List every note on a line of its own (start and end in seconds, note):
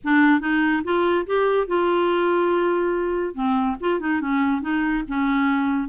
0.04 0.40 D4
0.40 0.82 D#4
0.84 1.26 F4
1.26 1.67 G4
1.67 3.34 F4
3.34 3.76 C4
3.80 4.00 F4
4.00 4.20 D#4
4.20 4.61 C#4
4.61 5.03 D#4
5.08 5.88 C#4